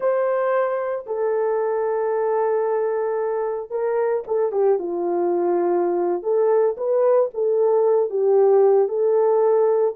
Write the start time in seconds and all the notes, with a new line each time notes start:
0.00 C5
1.06 A4
3.70 A#4
4.27 A4
4.52 G4
4.78 F4
6.22 A4
6.77 B4
7.34 A4
8.10 G4
8.88 A4